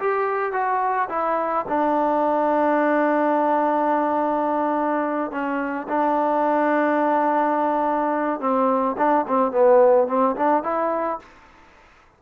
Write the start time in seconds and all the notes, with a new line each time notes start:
0.00 G4
0.53 F#4
1.10 E4
1.69 D4
5.31 C#4
5.89 D4
8.40 C4
8.98 D4
9.28 C4
9.52 B3
10.08 C4
10.36 D4
10.63 E4